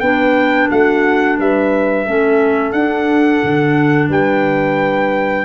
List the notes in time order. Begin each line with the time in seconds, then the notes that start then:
0.00 B3 D4 B4 G5
0.70 A3 F#4 F#5
1.38 G3 B4 E5
2.06 A3 C#4 A4
2.72 D4 F#5
3.43 D3
4.09 G3 B4 G5